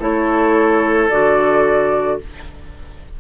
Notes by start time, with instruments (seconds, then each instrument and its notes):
0.00 bassoon A3, clarinet E4, oboe A4, flute C#5
1.10 bassoon D3, clarinet F#4, flute D5